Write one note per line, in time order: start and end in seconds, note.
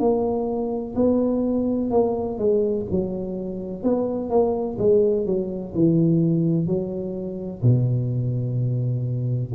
0.00 0.95 A#3
0.96 1.91 B3
1.91 2.39 A#3
2.39 2.86 G#3
2.91 3.84 F#3
3.84 4.30 B3
4.30 4.78 A#3
4.79 5.26 G#3
5.26 5.74 F#3
5.75 6.67 E3
6.67 7.62 F#3
7.63 9.53 B2